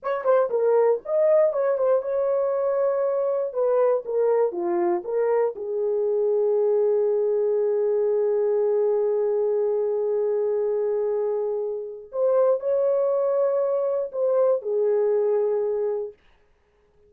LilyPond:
\new Staff \with { instrumentName = "horn" } { \time 4/4 \tempo 4 = 119 cis''8 c''8 ais'4 dis''4 cis''8 c''8 | cis''2. b'4 | ais'4 f'4 ais'4 gis'4~ | gis'1~ |
gis'1~ | gis'1 | c''4 cis''2. | c''4 gis'2. | }